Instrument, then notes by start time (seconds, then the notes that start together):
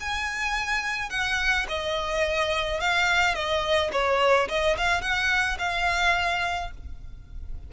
violin
0.00 G#5
1.10 F#5
1.68 D#5
2.80 F5
3.34 D#5
3.92 C#5
4.48 D#5
4.77 F5
5.01 F#5
5.58 F5